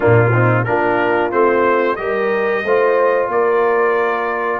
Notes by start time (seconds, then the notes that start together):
0.00 A#2 A#3 D4 F4
0.32 C4 D#4
0.64 A#3 D4 F4 A#4
1.31 A3 C4 C5
1.96 G3 G4 A#4 D#5
2.63 A3 F4 C5
3.28 A#3 A#4 D5